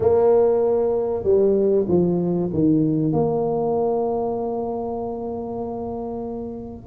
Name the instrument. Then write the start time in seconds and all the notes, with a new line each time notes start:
tuba
0.00 A#3
1.23 G3
1.88 F3
2.53 D#3
3.12 A#3